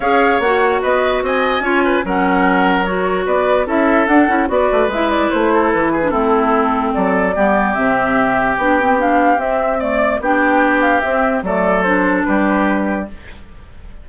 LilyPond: <<
  \new Staff \with { instrumentName = "flute" } { \time 4/4 \tempo 4 = 147 f''4 fis''4 dis''4 gis''4~ | gis''4 fis''2 cis''4 | d''4 e''4 fis''4 d''4 | e''8 d''8 c''4 b'4 a'4~ |
a'4 d''2 e''4~ | e''4 g''4 f''4 e''4 | d''4 g''4. f''8 e''4 | d''4 c''4 b'2 | }
  \new Staff \with { instrumentName = "oboe" } { \time 4/4 cis''2 b'4 dis''4 | cis''8 b'8 ais'2. | b'4 a'2 b'4~ | b'4. a'4 gis'8 e'4~ |
e'4 a'4 g'2~ | g'1 | d''4 g'2. | a'2 g'2 | }
  \new Staff \with { instrumentName = "clarinet" } { \time 4/4 gis'4 fis'2. | f'4 cis'2 fis'4~ | fis'4 e'4 d'8 e'8 fis'4 | e'2~ e'8. d'16 c'4~ |
c'2 b4 c'4~ | c'4 d'8 c'8 d'4 c'4 | a4 d'2 c'4 | a4 d'2. | }
  \new Staff \with { instrumentName = "bassoon" } { \time 4/4 cis'4 ais4 b4 c'4 | cis'4 fis2. | b4 cis'4 d'8 cis'8 b8 a8 | gis4 a4 e4 a4~ |
a4 fis4 g4 c4~ | c4 b2 c'4~ | c'4 b2 c'4 | fis2 g2 | }
>>